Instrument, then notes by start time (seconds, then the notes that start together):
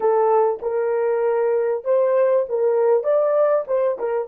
horn
0.00 A4
0.62 A#4
1.84 C5
2.48 A#4
3.03 D5
3.67 C5
3.99 A#4